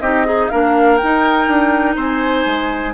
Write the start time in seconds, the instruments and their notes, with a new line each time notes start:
0.00 bassoon C4, clarinet D#4, oboe G4, flute D#5
0.25 oboe D#4, clarinet G#4
0.49 bassoon A#3, clarinet D4, oboe A#4, flute F5
0.97 bassoon D#4, clarinet D#4, flute G5
1.47 bassoon D4
1.95 bassoon C4, oboe C5, flute G#5
2.46 bassoon G#3